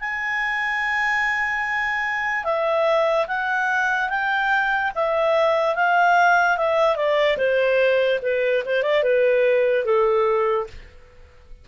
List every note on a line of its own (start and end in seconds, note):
0.00 2.44 G#5
2.44 3.26 E5
3.27 4.09 F#5
4.09 4.92 G5
4.95 5.75 E5
5.75 6.57 F5
6.57 6.96 E5
6.96 7.37 D5
7.37 8.19 C5
8.22 8.63 B4
8.65 8.82 C5
8.82 9.03 D5
9.03 9.85 B4
9.85 10.67 A4